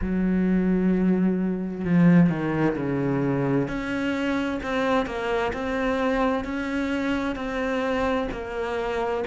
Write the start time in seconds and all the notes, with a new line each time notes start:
0.01 F#3
1.84 F3
2.29 D#3
2.76 C#3
3.68 C#4
4.62 C4
5.06 A#3
5.53 C4
6.44 C#4
7.36 C4
8.31 A#3